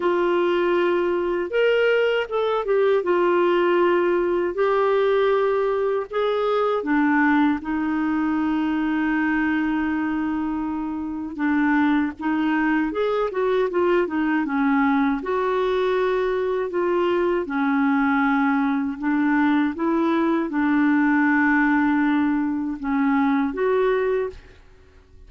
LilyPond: \new Staff \with { instrumentName = "clarinet" } { \time 4/4 \tempo 4 = 79 f'2 ais'4 a'8 g'8 | f'2 g'2 | gis'4 d'4 dis'2~ | dis'2. d'4 |
dis'4 gis'8 fis'8 f'8 dis'8 cis'4 | fis'2 f'4 cis'4~ | cis'4 d'4 e'4 d'4~ | d'2 cis'4 fis'4 | }